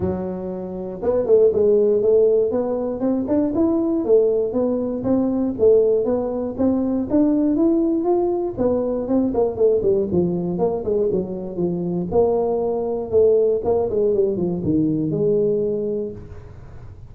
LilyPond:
\new Staff \with { instrumentName = "tuba" } { \time 4/4 \tempo 4 = 119 fis2 b8 a8 gis4 | a4 b4 c'8 d'8 e'4 | a4 b4 c'4 a4 | b4 c'4 d'4 e'4 |
f'4 b4 c'8 ais8 a8 g8 | f4 ais8 gis8 fis4 f4 | ais2 a4 ais8 gis8 | g8 f8 dis4 gis2 | }